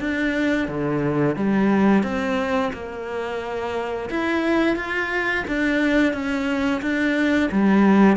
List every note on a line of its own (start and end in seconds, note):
0.00 0.68 D4
0.68 1.36 D3
1.36 2.04 G3
2.04 2.72 C4
2.74 4.10 A#3
4.10 4.76 E4
4.76 5.45 F4
5.48 6.13 D4
6.13 6.82 C#4
6.82 7.50 D4
7.52 8.17 G3